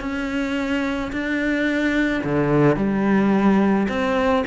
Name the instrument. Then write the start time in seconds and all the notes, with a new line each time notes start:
cello
0.00 C#4
1.12 D4
2.23 D3
2.76 G3
3.88 C4